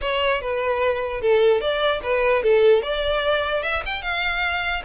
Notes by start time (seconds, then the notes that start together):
0.01 C#5
0.41 B4
1.21 A4
1.60 D5
2.02 B4
2.43 A4
2.82 D5
3.62 E5
3.85 G5
4.01 F5